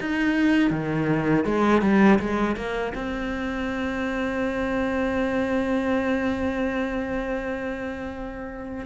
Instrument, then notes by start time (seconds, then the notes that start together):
cello
0.00 D#4
0.70 D#3
1.44 G#3
1.81 G3
2.19 G#3
2.56 A#3
2.94 C4